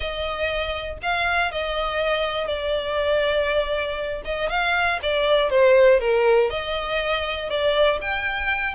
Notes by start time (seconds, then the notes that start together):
0.00 D#5
1.02 F5
1.51 D#5
2.47 D5
4.24 D#5
4.49 F5
5.02 D5
5.50 C5
6.00 A#4
6.50 D#5
7.49 D5
8.01 G5